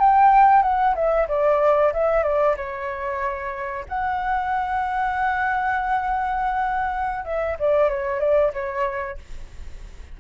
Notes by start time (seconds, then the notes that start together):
0.00 G5
0.63 F#5
0.96 E5
1.29 D5
1.94 E5
2.24 D5
2.57 C#5
3.89 F#5
7.25 E5
7.60 D5
7.90 C#5
8.21 D5
8.53 C#5